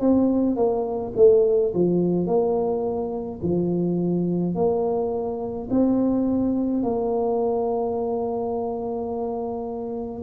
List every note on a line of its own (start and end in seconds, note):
0.00 0.56 C4
0.56 1.12 A#3
1.16 1.73 A3
1.74 2.26 F3
2.26 3.40 A#3
3.42 4.55 F3
4.55 5.68 A#3
5.70 6.83 C4
6.83 10.22 A#3